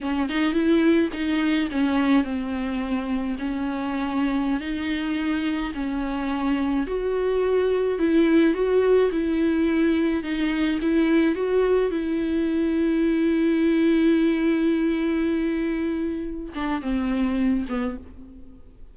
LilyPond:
\new Staff \with { instrumentName = "viola" } { \time 4/4 \tempo 4 = 107 cis'8 dis'8 e'4 dis'4 cis'4 | c'2 cis'2~ | cis'16 dis'2 cis'4.~ cis'16~ | cis'16 fis'2 e'4 fis'8.~ |
fis'16 e'2 dis'4 e'8.~ | e'16 fis'4 e'2~ e'8.~ | e'1~ | e'4. d'8 c'4. b8 | }